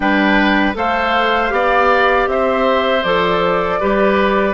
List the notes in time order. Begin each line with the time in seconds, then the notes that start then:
0.00 G3 D4 B4 G5
0.74 A3 A4 C5 F5
1.49 B3 G4 D5
2.27 C4 C5 E5
3.03 F3 A4 D5
3.80 G3 G4 B4